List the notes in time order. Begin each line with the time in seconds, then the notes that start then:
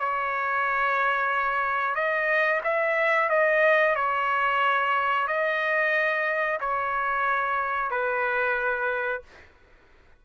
0.00 C#5
1.95 D#5
2.64 E5
3.30 D#5
3.96 C#5
5.28 D#5
6.61 C#5
7.91 B4